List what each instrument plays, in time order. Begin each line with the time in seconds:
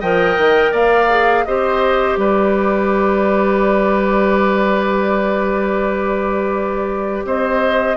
0.00 bassoon F3, clarinet A#4, oboe D#5, flute G5
0.37 bassoon D#3
0.71 bassoon A#3, oboe D5, flute F5
1.09 clarinet G#4
1.44 bassoon C4, clarinet G4, oboe C5, flute D#5
2.16 bassoon G3, oboe B4, flute D5
7.25 bassoon C4, oboe C5, flute D#5